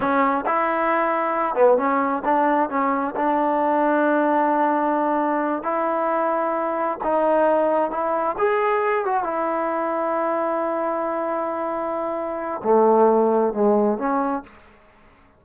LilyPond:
\new Staff \with { instrumentName = "trombone" } { \time 4/4 \tempo 4 = 133 cis'4 e'2~ e'8 b8 | cis'4 d'4 cis'4 d'4~ | d'1~ | d'8 e'2. dis'8~ |
dis'4. e'4 gis'4. | fis'8 e'2.~ e'8~ | e'1 | a2 gis4 cis'4 | }